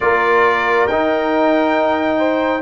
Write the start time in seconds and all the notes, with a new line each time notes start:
0.00 A#3 F4 A#4 D5
0.87 D#4 G5
2.18 C5